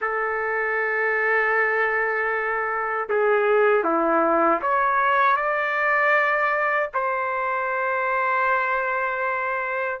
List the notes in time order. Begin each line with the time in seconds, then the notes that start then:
0.01 A4
3.09 G#4
3.84 E4
4.62 C#5
5.36 D5
6.93 C5